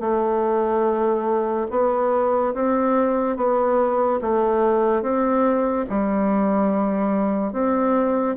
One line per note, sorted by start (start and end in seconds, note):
0.00 1.67 A3
1.70 2.54 B3
2.54 3.36 C4
3.36 4.20 B3
4.21 5.02 A3
5.02 5.85 C4
5.89 7.52 G3
7.52 8.36 C4